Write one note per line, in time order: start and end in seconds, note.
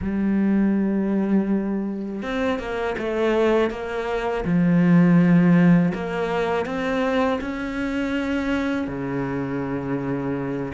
0.01 2.22 G3
2.22 2.59 C4
2.59 2.96 A#3
2.98 3.70 A3
3.70 4.44 A#3
4.44 5.93 F3
5.94 6.65 A#3
6.65 7.39 C4
7.40 8.87 C#4
8.87 10.72 C#3